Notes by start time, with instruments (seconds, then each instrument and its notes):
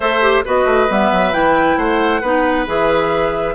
0.00 bassoon A3, clarinet A4, oboe C5, flute E5
0.21 clarinet G4
0.44 bassoon B3, clarinet F#4, oboe B4, flute D#5
0.65 bassoon A3
0.89 bassoon G3, clarinet B3, flute E5
1.11 bassoon F#3
1.32 bassoon E3, clarinet E4, flute G5
1.76 bassoon A3, oboe C5, flute F#5
2.21 bassoon B3, clarinet D#4, oboe B4
2.66 bassoon E3, clarinet G#4, flute E5